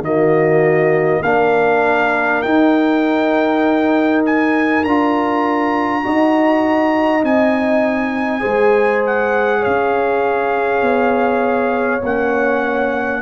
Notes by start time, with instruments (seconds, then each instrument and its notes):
0.00 tuba D#3, trombone A#3, horn F#4, trumpet D#5
1.22 tuba A#3, trombone D4, horn A#4, trumpet F5
2.41 trombone D#4, tuba D#4, trumpet G5
4.25 trumpet G#5
4.83 tuba D4, trombone F4, trumpet A#5
6.02 tuba D#4, trombone F#4, horn D#5
7.21 tuba C4, trombone D#4, trumpet G#5
8.39 trombone G#4, horn C5
8.45 tuba G#3
9.06 trumpet F#5
9.60 horn C#5, trumpet F5
9.66 tuba C#4
10.81 tuba B3
12.03 tuba A#3, trombone C#4, trumpet F#5